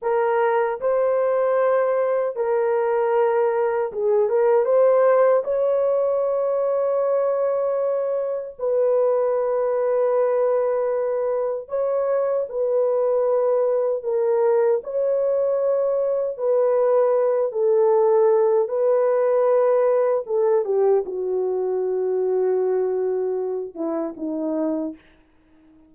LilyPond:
\new Staff \with { instrumentName = "horn" } { \time 4/4 \tempo 4 = 77 ais'4 c''2 ais'4~ | ais'4 gis'8 ais'8 c''4 cis''4~ | cis''2. b'4~ | b'2. cis''4 |
b'2 ais'4 cis''4~ | cis''4 b'4. a'4. | b'2 a'8 g'8 fis'4~ | fis'2~ fis'8 e'8 dis'4 | }